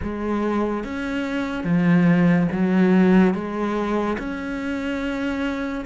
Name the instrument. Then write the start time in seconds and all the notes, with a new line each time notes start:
cello
0.02 G#3
0.83 C#4
1.64 F3
2.52 F#3
3.33 G#3
4.18 C#4